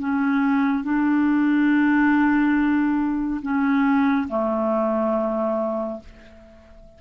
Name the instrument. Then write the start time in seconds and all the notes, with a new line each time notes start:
clarinet
0.00 C#4
0.84 D4
3.42 C#4
4.29 A3